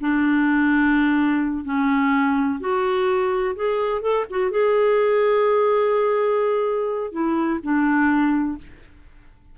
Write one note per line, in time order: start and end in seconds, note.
0.00 1.64 D4
1.64 2.59 C#4
2.60 3.55 F#4
3.55 4.01 G#4
4.01 4.25 A4
4.29 4.50 F#4
4.50 7.12 G#4
7.12 7.59 E4
7.62 8.58 D4